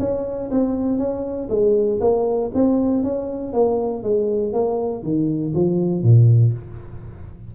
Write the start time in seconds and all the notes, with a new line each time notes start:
0.00 C#4
0.51 C4
0.99 C#4
1.50 G#3
2.01 A#3
2.55 C4
3.04 C#4
3.53 A#3
4.03 G#3
4.54 A#3
5.04 D#3
5.55 F3
6.03 A#2